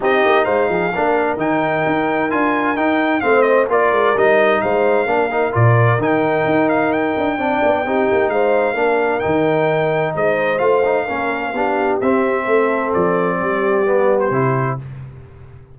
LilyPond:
<<
  \new Staff \with { instrumentName = "trumpet" } { \time 4/4 \tempo 4 = 130 dis''4 f''2 g''4~ | g''4 gis''4 g''4 f''8 dis''8 | d''4 dis''4 f''2 | d''4 g''4. f''8 g''4~ |
g''2 f''2 | g''2 dis''4 f''4~ | f''2 e''2 | d''2~ d''8. c''4~ c''16 | }
  \new Staff \with { instrumentName = "horn" } { \time 4/4 g'4 c''8 gis'8 ais'2~ | ais'2. c''4 | ais'2 c''4 ais'4~ | ais'1 |
d''4 g'4 c''4 ais'4~ | ais'2 c''2 | ais'4 g'2 a'4~ | a'4 g'2. | }
  \new Staff \with { instrumentName = "trombone" } { \time 4/4 dis'2 d'4 dis'4~ | dis'4 f'4 dis'4 c'4 | f'4 dis'2 d'8 dis'8 | f'4 dis'2. |
d'4 dis'2 d'4 | dis'2. f'8 dis'8 | cis'4 d'4 c'2~ | c'2 b4 e'4 | }
  \new Staff \with { instrumentName = "tuba" } { \time 4/4 c'8 ais8 gis8 f8 ais4 dis4 | dis'4 d'4 dis'4 a4 | ais8 gis8 g4 gis4 ais4 | ais,4 dis4 dis'4. d'8 |
c'8 b8 c'8 ais8 gis4 ais4 | dis2 gis4 a4 | ais4 b4 c'4 a4 | f4 g2 c4 | }
>>